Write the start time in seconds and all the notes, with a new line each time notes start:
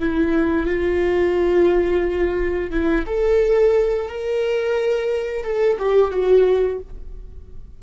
0.00 E4
0.67 F4
2.71 E4
3.07 A4
4.09 A#4
5.44 A4
5.79 G4
6.11 F#4